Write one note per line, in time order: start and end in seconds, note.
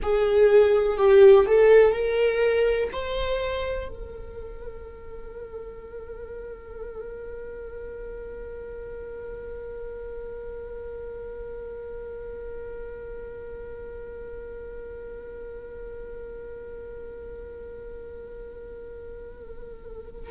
0.02 0.97 G#4
0.97 1.46 G4
1.46 1.92 A4
1.92 2.89 A#4
2.92 3.88 C5
3.88 20.30 A#4